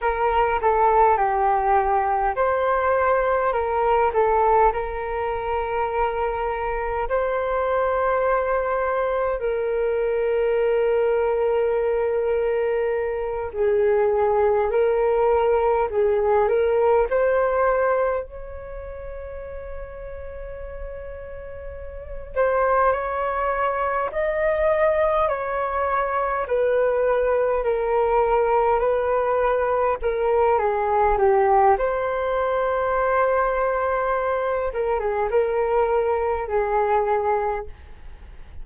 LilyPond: \new Staff \with { instrumentName = "flute" } { \time 4/4 \tempo 4 = 51 ais'8 a'8 g'4 c''4 ais'8 a'8 | ais'2 c''2 | ais'2.~ ais'8 gis'8~ | gis'8 ais'4 gis'8 ais'8 c''4 cis''8~ |
cis''2. c''8 cis''8~ | cis''8 dis''4 cis''4 b'4 ais'8~ | ais'8 b'4 ais'8 gis'8 g'8 c''4~ | c''4. ais'16 gis'16 ais'4 gis'4 | }